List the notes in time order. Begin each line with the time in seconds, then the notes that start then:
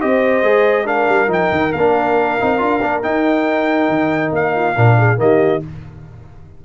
0.00 C4 G4 C5 D#5
0.42 G#3 G#4
0.85 D4 A#4 F5
1.08 G3
1.27 F3 D#4 G5
1.51 D#3
1.72 A#3 F5
1.78 D4
2.39 C4 D#4
2.58 D4 F4
2.82 A#3 D4
3.02 D#4 G5
3.88 D#3
4.32 A#3 F5
4.55 F4
4.75 A#2 D4 A#4
4.98 G#4
5.16 D#3 A#3 G4 D#5